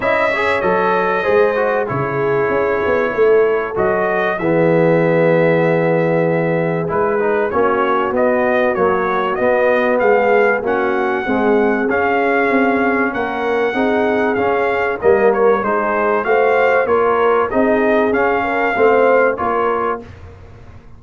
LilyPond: <<
  \new Staff \with { instrumentName = "trumpet" } { \time 4/4 \tempo 4 = 96 e''4 dis''2 cis''4~ | cis''2 dis''4 e''4~ | e''2. b'4 | cis''4 dis''4 cis''4 dis''4 |
f''4 fis''2 f''4~ | f''4 fis''2 f''4 | dis''8 cis''8 c''4 f''4 cis''4 | dis''4 f''2 cis''4 | }
  \new Staff \with { instrumentName = "horn" } { \time 4/4 dis''8 cis''4. c''4 gis'4~ | gis'4 a'2 gis'4~ | gis'1 | fis'1 |
gis'4 fis'4 gis'2~ | gis'4 ais'4 gis'2 | ais'4 gis'4 c''4 ais'4 | gis'4. ais'8 c''4 ais'4 | }
  \new Staff \with { instrumentName = "trombone" } { \time 4/4 e'8 gis'8 a'4 gis'8 fis'8 e'4~ | e'2 fis'4 b4~ | b2. e'8 dis'8 | cis'4 b4 fis4 b4~ |
b4 cis'4 gis4 cis'4~ | cis'2 dis'4 cis'4 | ais4 dis'4 fis'4 f'4 | dis'4 cis'4 c'4 f'4 | }
  \new Staff \with { instrumentName = "tuba" } { \time 4/4 cis'4 fis4 gis4 cis4 | cis'8 b8 a4 fis4 e4~ | e2. gis4 | ais4 b4 ais4 b4 |
gis4 ais4 c'4 cis'4 | c'4 ais4 c'4 cis'4 | g4 gis4 a4 ais4 | c'4 cis'4 a4 ais4 | }
>>